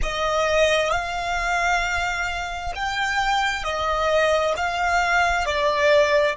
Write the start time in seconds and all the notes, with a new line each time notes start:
0.02 D#5
0.91 F5
2.75 G5
3.63 D#5
4.57 F5
5.45 D5